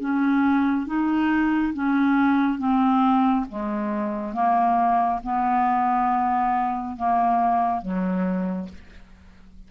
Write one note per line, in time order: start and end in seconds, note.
0.00 0.87 C#4
0.87 1.74 D#4
1.74 2.58 C#4
2.58 3.45 C4
3.49 4.33 G#3
4.33 5.20 A#3
5.24 6.96 B3
6.96 7.82 A#3
7.82 8.69 F#3